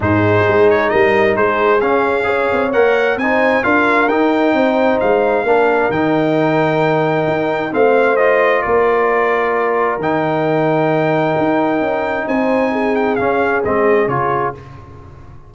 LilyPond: <<
  \new Staff \with { instrumentName = "trumpet" } { \time 4/4 \tempo 4 = 132 c''4. cis''8 dis''4 c''4 | f''2 fis''4 gis''4 | f''4 g''2 f''4~ | f''4 g''2.~ |
g''4 f''4 dis''4 d''4~ | d''2 g''2~ | g''2. gis''4~ | gis''8 g''8 f''4 dis''4 cis''4 | }
  \new Staff \with { instrumentName = "horn" } { \time 4/4 gis'2 ais'4 gis'4~ | gis'4 cis''2 c''4 | ais'2 c''2 | ais'1~ |
ais'4 c''2 ais'4~ | ais'1~ | ais'2. c''4 | gis'1 | }
  \new Staff \with { instrumentName = "trombone" } { \time 4/4 dis'1 | cis'4 gis'4 ais'4 dis'4 | f'4 dis'2. | d'4 dis'2.~ |
dis'4 c'4 f'2~ | f'2 dis'2~ | dis'1~ | dis'4 cis'4 c'4 f'4 | }
  \new Staff \with { instrumentName = "tuba" } { \time 4/4 gis,4 gis4 g4 gis4 | cis'4. c'8 ais4 c'4 | d'4 dis'4 c'4 gis4 | ais4 dis2. |
dis'4 a2 ais4~ | ais2 dis2~ | dis4 dis'4 cis'4 c'4~ | c'4 cis'4 gis4 cis4 | }
>>